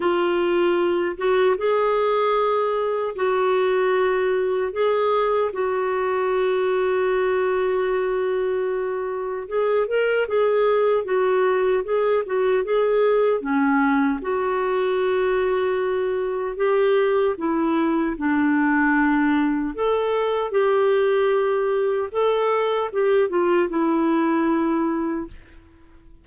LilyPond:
\new Staff \with { instrumentName = "clarinet" } { \time 4/4 \tempo 4 = 76 f'4. fis'8 gis'2 | fis'2 gis'4 fis'4~ | fis'1 | gis'8 ais'8 gis'4 fis'4 gis'8 fis'8 |
gis'4 cis'4 fis'2~ | fis'4 g'4 e'4 d'4~ | d'4 a'4 g'2 | a'4 g'8 f'8 e'2 | }